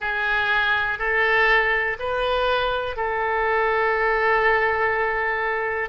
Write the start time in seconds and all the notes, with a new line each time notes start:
0.00 G#4
0.98 A4
1.99 B4
2.96 A4